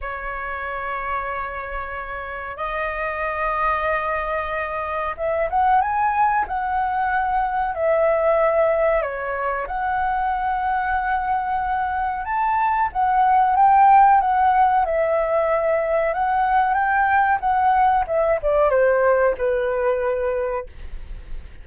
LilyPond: \new Staff \with { instrumentName = "flute" } { \time 4/4 \tempo 4 = 93 cis''1 | dis''1 | e''8 fis''8 gis''4 fis''2 | e''2 cis''4 fis''4~ |
fis''2. a''4 | fis''4 g''4 fis''4 e''4~ | e''4 fis''4 g''4 fis''4 | e''8 d''8 c''4 b'2 | }